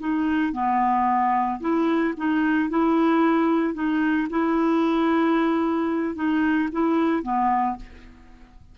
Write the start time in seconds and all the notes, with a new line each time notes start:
0.00 D#4
0.53 B3
1.60 E4
2.17 D#4
2.70 E4
3.74 D#4
4.30 E4
6.15 D#4
6.72 E4
7.23 B3